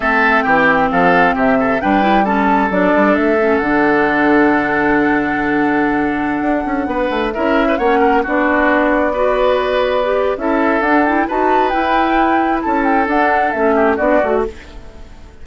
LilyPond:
<<
  \new Staff \with { instrumentName = "flute" } { \time 4/4 \tempo 4 = 133 e''4 g''4 f''4 e''4 | g''4 a''4 d''4 e''4 | fis''1~ | fis''1~ |
fis''16 e''4 fis''4 d''4.~ d''16~ | d''2. e''4 | fis''8 g''8 a''4 g''2 | a''8 g''8 fis''4 e''4 d''4 | }
  \new Staff \with { instrumentName = "oboe" } { \time 4/4 a'4 g'4 a'4 g'8 a'8 | b'4 a'2.~ | a'1~ | a'2.~ a'16 b'8.~ |
b'16 ais'8. b'16 cis''8 ais'8 fis'4.~ fis'16~ | fis'16 b'2~ b'8. a'4~ | a'4 b'2. | a'2~ a'8 g'8 fis'4 | }
  \new Staff \with { instrumentName = "clarinet" } { \time 4/4 c'1 | d'8 e'8 cis'4 d'4. cis'8 | d'1~ | d'1~ |
d'16 e'4 cis'4 d'4.~ d'16~ | d'16 fis'2 g'8. e'4 | d'8 e'8 fis'4 e'2~ | e'4 d'4 cis'4 d'8 fis'8 | }
  \new Staff \with { instrumentName = "bassoon" } { \time 4/4 a4 e4 f4 c4 | g2 fis8 g8 a4 | d1~ | d2~ d16 d'8 cis'8 b8 a16~ |
a16 cis'4 ais4 b4.~ b16~ | b2. cis'4 | d'4 dis'4 e'2 | cis'4 d'4 a4 b8 a8 | }
>>